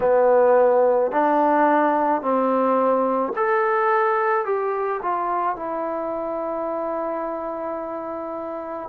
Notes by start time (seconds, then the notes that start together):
0.00 B3
1.11 D4
2.21 C4
3.36 A4
4.44 G4
5.02 F4
5.56 E4